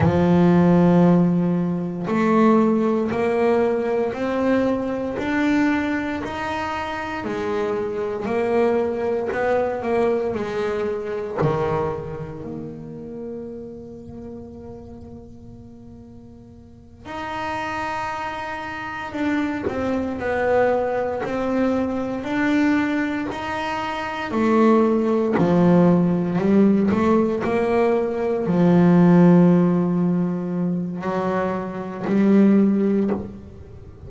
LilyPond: \new Staff \with { instrumentName = "double bass" } { \time 4/4 \tempo 4 = 58 f2 a4 ais4 | c'4 d'4 dis'4 gis4 | ais4 b8 ais8 gis4 dis4 | ais1~ |
ais8 dis'2 d'8 c'8 b8~ | b8 c'4 d'4 dis'4 a8~ | a8 f4 g8 a8 ais4 f8~ | f2 fis4 g4 | }